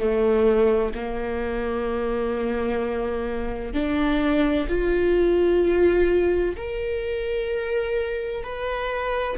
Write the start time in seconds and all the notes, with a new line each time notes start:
0.00 A3
0.95 A#3
3.74 D4
4.69 F4
6.57 A#4
8.44 B4